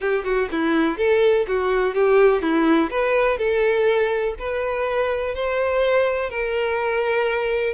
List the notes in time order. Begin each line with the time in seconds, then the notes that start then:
0.00 G4
0.24 F#4
0.51 E4
0.97 A4
1.47 F#4
1.94 G4
2.42 E4
2.90 B4
3.38 A4
4.38 B4
5.34 C5
6.30 A#4